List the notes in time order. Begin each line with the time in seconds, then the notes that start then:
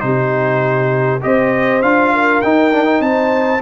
0.00 C3 D#4 G4 C5
1.21 C4 G4 C5 D#5
1.82 D4 F4 F5
2.14 A#4
2.42 D#4 G5
2.73 D4
2.85 D#4
3.00 C4 C5 A5